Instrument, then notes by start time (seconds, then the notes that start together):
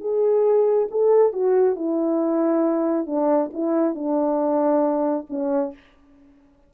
horn
0.00 G#4
0.91 A4
1.32 F#4
1.75 E4
3.06 D4
3.53 E4
3.94 D4
5.29 C#4